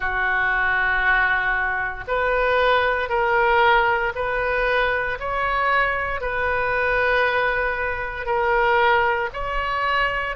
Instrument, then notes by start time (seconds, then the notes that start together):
oboe
0.00 F#4
2.07 B4
3.09 A#4
4.15 B4
5.19 C#5
6.20 B4
8.26 A#4
9.33 C#5